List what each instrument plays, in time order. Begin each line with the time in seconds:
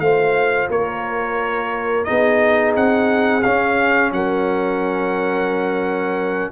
0.00 tuba A3, trombone F4, horn C5, trumpet F5
0.70 tuba A#3, horn A#4, trumpet C#5
2.04 tuba B3, trombone D#4, horn G#4, trumpet D#5
2.76 tuba C4, trumpet F#5
3.42 tuba C#4, trombone C#4, trumpet F5
4.12 tuba F#3, horn A#4, trumpet F#5